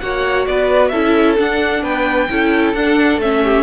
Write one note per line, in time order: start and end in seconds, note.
0.00 0.48 A#3
0.00 0.93 F#4
0.00 0.48 C#5
0.00 0.46 F#5
0.46 0.93 B3
0.46 0.92 B4
0.46 0.89 D5
0.89 1.39 C#4
0.89 1.37 E4
0.89 1.83 A4
0.89 1.35 E5
1.37 2.29 D4
1.37 1.83 D4
1.37 1.84 F#5
1.83 2.29 B3
1.83 2.29 B4
1.83 2.75 G5
2.30 2.74 C#4
2.30 2.76 E4
2.30 3.44 A4
2.74 3.18 D4
2.74 3.22 D4
2.74 3.20 F#5
3.18 3.64 A3
3.18 3.64 C#4
3.18 3.64 E5
3.44 3.64 G4